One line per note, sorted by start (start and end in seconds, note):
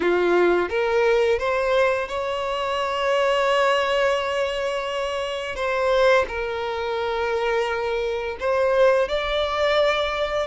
0.00 0.68 F4
0.68 1.38 A#4
1.38 2.08 C5
2.08 5.55 C#5
5.55 6.25 C5
6.28 8.37 A#4
8.39 9.08 C5
9.08 10.47 D5